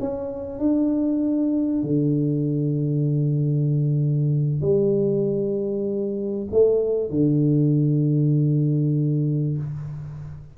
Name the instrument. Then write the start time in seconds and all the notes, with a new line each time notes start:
tuba
0.00 C#4
0.59 D4
1.83 D3
4.61 G3
6.51 A3
7.10 D3